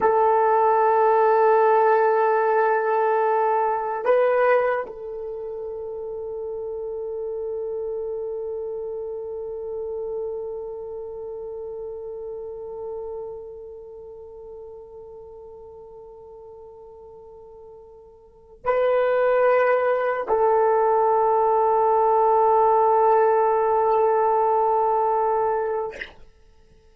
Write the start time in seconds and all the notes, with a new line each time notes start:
0.00 A4
4.04 B4
4.86 A4
18.64 B4
20.27 A4